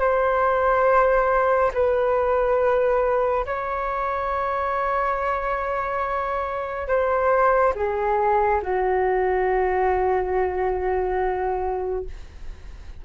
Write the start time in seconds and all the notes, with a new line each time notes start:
0.00 C5
1.73 B4
3.45 C#5
6.88 C5
7.75 G#4
8.62 F#4